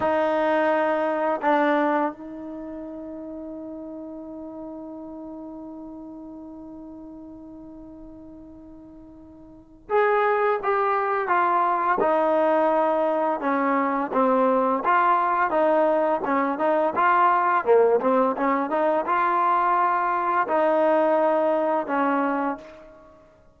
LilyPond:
\new Staff \with { instrumentName = "trombone" } { \time 4/4 \tempo 4 = 85 dis'2 d'4 dis'4~ | dis'1~ | dis'1~ | dis'2 gis'4 g'4 |
f'4 dis'2 cis'4 | c'4 f'4 dis'4 cis'8 dis'8 | f'4 ais8 c'8 cis'8 dis'8 f'4~ | f'4 dis'2 cis'4 | }